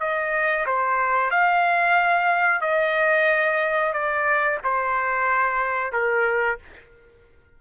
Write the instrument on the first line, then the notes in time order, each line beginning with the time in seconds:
trumpet
0.00 D#5
0.66 C5
1.31 F5
2.61 D#5
3.93 D5
4.64 C5
5.93 A#4